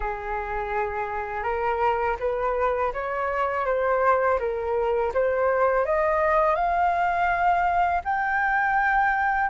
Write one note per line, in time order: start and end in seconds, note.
0.00 1.43 G#4
1.43 2.16 A#4
2.19 2.92 B4
2.93 3.66 C#5
3.66 4.39 C5
4.39 5.12 A#4
5.14 5.85 C5
5.85 6.55 D#5
6.55 8.01 F5
8.04 9.49 G5